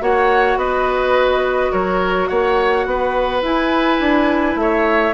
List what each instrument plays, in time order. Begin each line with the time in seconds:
0.00 bassoon A#3, clarinet F#4, oboe C#5, flute F#5
0.56 bassoon B3, oboe B4, flute D#5
1.71 bassoon F#3, oboe A#4, flute C#5
2.27 bassoon A#3, oboe C#5, flute F#5
2.85 bassoon B3, oboe B4
3.42 bassoon E4, clarinet E4, flute G#5
3.99 bassoon D4
4.55 bassoon A3, oboe C#5, flute E5